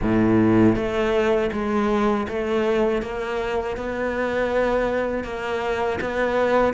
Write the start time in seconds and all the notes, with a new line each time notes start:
0.02 A2
0.75 A3
1.52 G#3
2.28 A3
3.02 A#3
3.77 B3
5.24 A#3
6.00 B3